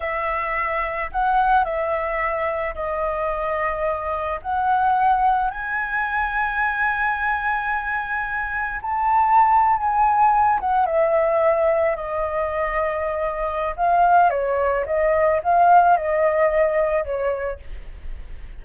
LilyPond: \new Staff \with { instrumentName = "flute" } { \time 4/4 \tempo 4 = 109 e''2 fis''4 e''4~ | e''4 dis''2. | fis''2 gis''2~ | gis''1 |
a''4.~ a''16 gis''4. fis''8 e''16~ | e''4.~ e''16 dis''2~ dis''16~ | dis''4 f''4 cis''4 dis''4 | f''4 dis''2 cis''4 | }